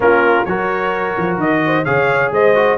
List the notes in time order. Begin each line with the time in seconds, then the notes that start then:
0.00 A#3 C#4 F4 A#4
0.45 F#3 F#4 A#4 C#5
1.17 F3
1.37 D#3 D#5
1.65 C5
1.85 C#3 G#4 C#5 F5
2.31 G#3 C5 D#5
2.54 F#4